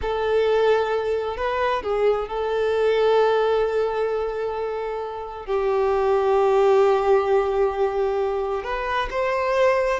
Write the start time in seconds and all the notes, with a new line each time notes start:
0.01 A4
1.36 B4
1.82 G#4
2.28 A4
5.45 G4
8.63 B4
9.10 C5